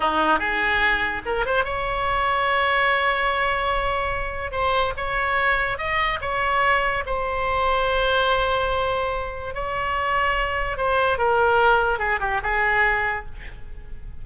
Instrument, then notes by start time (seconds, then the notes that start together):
oboe
0.00 D#4
0.39 G#4
1.25 A#4
1.45 C5
1.64 C#5
4.51 C5
4.96 C#5
5.77 D#5
6.21 C#5
7.06 C5
9.54 C#5
10.77 C5
11.17 A#4
11.98 G#4
12.20 G4
12.43 G#4